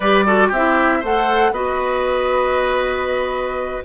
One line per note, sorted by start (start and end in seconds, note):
0.00 0.51 G3
0.00 0.25 G4
0.00 0.24 B4
0.00 0.50 D5
0.25 0.51 F#4
0.25 0.48 A4
0.48 1.02 C4
0.48 0.99 G4
0.48 1.04 E5
0.55 1.03 E4
1.00 1.51 A3
1.00 1.53 A4
1.00 1.51 C5
1.00 1.53 F#5
1.51 3.82 B3
1.51 3.84 F#4
1.51 3.83 B4
1.51 3.84 D#5